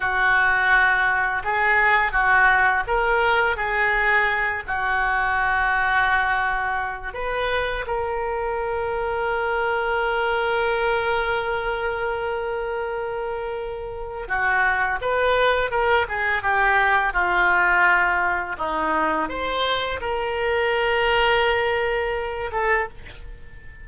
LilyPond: \new Staff \with { instrumentName = "oboe" } { \time 4/4 \tempo 4 = 84 fis'2 gis'4 fis'4 | ais'4 gis'4. fis'4.~ | fis'2 b'4 ais'4~ | ais'1~ |
ais'1 | fis'4 b'4 ais'8 gis'8 g'4 | f'2 dis'4 c''4 | ais'2.~ ais'8 a'8 | }